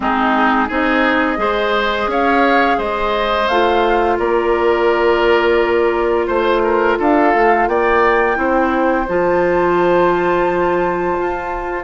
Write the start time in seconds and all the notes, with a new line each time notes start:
0.00 G#3 C4 D#4 G#4
0.68 C4 D#4 G#4 D#5
1.36 G#3 G#4 C5
2.07 C#4 C#5 F5
2.77 G#3 C5 D#5
3.48 A3 F4 F5
4.18 A#3 A#4 D5
6.26 A3 C5
6.63 A#4
6.99 D4 A4 F5
7.34 A3
7.67 A#3 D5 G5
8.35 C4 E4 C5
9.08 F3 F4 A5
11.18 F4